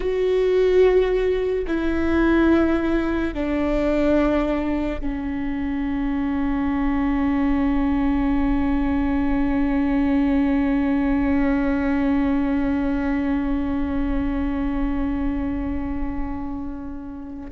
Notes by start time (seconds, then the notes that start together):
0.00 F#4
1.67 E4
3.33 D4
5.00 C#4